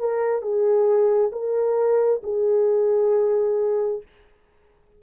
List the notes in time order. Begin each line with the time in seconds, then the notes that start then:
0.00 A#4
0.42 G#4
1.33 A#4
2.24 G#4